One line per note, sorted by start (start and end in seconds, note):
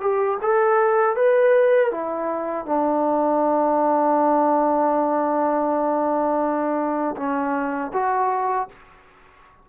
0.00 0.38 G4
0.42 1.16 A4
1.16 1.91 B4
1.91 2.66 E4
2.66 7.16 D4
7.17 7.92 C#4
7.93 8.68 F#4